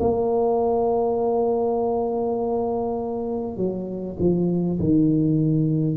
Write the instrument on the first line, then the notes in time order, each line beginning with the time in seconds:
tuba
0.00 A#3
3.57 F#3
4.19 F3
4.79 D#3